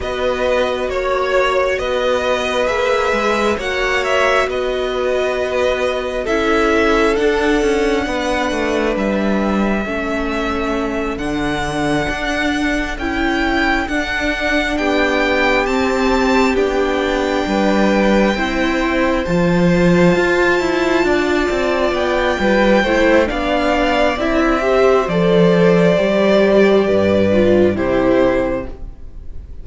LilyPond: <<
  \new Staff \with { instrumentName = "violin" } { \time 4/4 \tempo 4 = 67 dis''4 cis''4 dis''4 e''4 | fis''8 e''8 dis''2 e''4 | fis''2 e''2~ | e''8 fis''2 g''4 fis''8~ |
fis''8 g''4 a''4 g''4.~ | g''4. a''2~ a''8~ | a''8 g''4. f''4 e''4 | d''2. c''4 | }
  \new Staff \with { instrumentName = "violin" } { \time 4/4 b'4 cis''4 b'2 | cis''4 b'2 a'4~ | a'4 b'2 a'4~ | a'1~ |
a'8 g'2. b'8~ | b'8 c''2. d''8~ | d''4 b'8 c''8 d''4. c''8~ | c''2 b'4 g'4 | }
  \new Staff \with { instrumentName = "viola" } { \time 4/4 fis'2. gis'4 | fis'2. e'4 | d'2. cis'4~ | cis'8 d'2 e'4 d'8~ |
d'4. c'4 d'4.~ | d'8 e'4 f'2~ f'8~ | f'4. e'8 d'4 e'8 g'8 | a'4 g'4. f'8 e'4 | }
  \new Staff \with { instrumentName = "cello" } { \time 4/4 b4 ais4 b4 ais8 gis8 | ais4 b2 cis'4 | d'8 cis'8 b8 a8 g4 a4~ | a8 d4 d'4 cis'4 d'8~ |
d'8 b4 c'4 b4 g8~ | g8 c'4 f4 f'8 e'8 d'8 | c'8 b8 g8 a8 b4 c'4 | f4 g4 g,4 c4 | }
>>